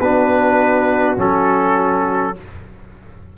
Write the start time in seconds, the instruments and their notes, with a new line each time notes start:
0.00 tuba B3, trombone D4, horn F#4, trumpet B4
1.17 tuba F#3, trombone C#4, trumpet A4